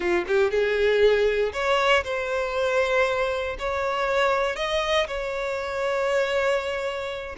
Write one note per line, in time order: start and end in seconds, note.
0.00 0.24 F4
0.27 0.50 G4
0.50 1.52 G#4
1.53 2.03 C#5
2.04 3.56 C5
3.58 4.56 C#5
4.56 5.07 D#5
5.07 7.36 C#5